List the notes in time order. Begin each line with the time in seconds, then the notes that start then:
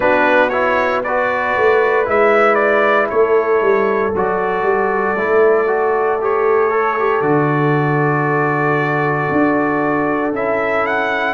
0.00 B3 D4 F#4 B4
0.49 E4 C#5
1.03 F#4 B4 D5
1.56 A3
2.05 G#3 E4 E5
2.55 D5
3.09 A3 A4 C#5
3.61 G3
4.14 F#3 F#4 D5
4.62 G3
5.15 A3 E4
5.67 F#4
6.20 G4 C#5
6.70 A4
6.98 G4
7.21 D3 F#4 D5
9.31 D4
10.32 C#4 E4 E5
10.86 F#5